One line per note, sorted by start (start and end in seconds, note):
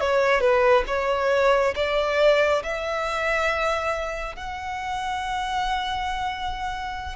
0.00 0.40 C#5
0.40 0.84 B4
0.87 1.74 C#5
1.75 2.62 D5
2.63 4.36 E5
4.36 7.16 F#5